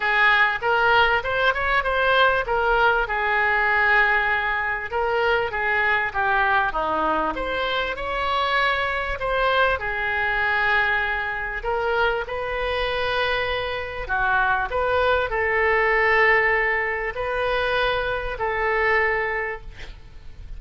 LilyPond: \new Staff \with { instrumentName = "oboe" } { \time 4/4 \tempo 4 = 98 gis'4 ais'4 c''8 cis''8 c''4 | ais'4 gis'2. | ais'4 gis'4 g'4 dis'4 | c''4 cis''2 c''4 |
gis'2. ais'4 | b'2. fis'4 | b'4 a'2. | b'2 a'2 | }